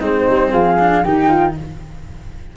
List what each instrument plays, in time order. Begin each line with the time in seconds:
0.00 tuba G#3, cello C4, flute D#4 C5
0.29 tuba G3
0.51 tuba F3, flute G#4 F5
0.79 cello D4
1.04 tuba D#3, cello D#4, flute G4 G5
1.28 flute F4